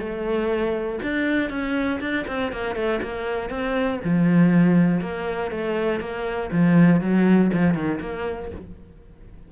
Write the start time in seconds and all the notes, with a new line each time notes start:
0.00 A3
1.03 D4
1.50 C#4
2.01 D4
2.28 C4
2.53 A#3
2.76 A3
3.02 A#3
3.50 C4
4.05 F3
5.01 A#3
5.52 A3
6.01 A#3
6.52 F3
7.02 F#3
7.53 F3
7.75 D#3
8.01 A#3